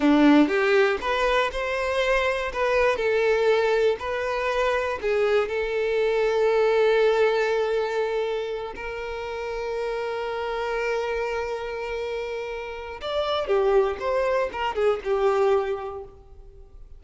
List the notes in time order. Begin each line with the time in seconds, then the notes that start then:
0.00 D4
0.48 G4
1.00 B4
1.52 C5
2.52 B4
2.96 A4
3.99 B4
5.01 G#4
5.48 A4
8.75 A#4
13.01 D5
13.47 G4
13.99 C5
14.52 A#4
14.75 G#4
15.04 G4